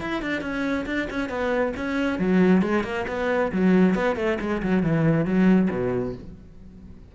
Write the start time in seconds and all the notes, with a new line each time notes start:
0.00 E4
0.21 D4
0.41 C#4
0.86 D4
1.10 C#4
1.29 B3
1.76 C#4
2.19 F#3
2.62 G#3
2.83 A#3
3.07 B3
3.52 F#3
3.94 B3
4.16 A3
4.40 G#3
4.62 F#3
4.83 E3
5.25 F#3
5.70 B2